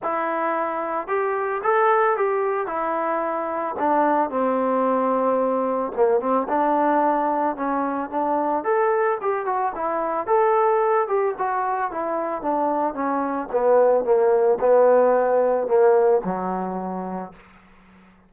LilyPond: \new Staff \with { instrumentName = "trombone" } { \time 4/4 \tempo 4 = 111 e'2 g'4 a'4 | g'4 e'2 d'4 | c'2. ais8 c'8 | d'2 cis'4 d'4 |
a'4 g'8 fis'8 e'4 a'4~ | a'8 g'8 fis'4 e'4 d'4 | cis'4 b4 ais4 b4~ | b4 ais4 fis2 | }